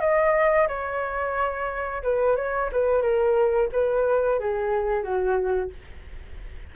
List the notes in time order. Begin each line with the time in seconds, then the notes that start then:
0.00 D#5
0.68 C#5
2.03 B4
2.37 C#5
2.72 B4
3.02 A#4
3.72 B4
4.40 G#4
5.03 F#4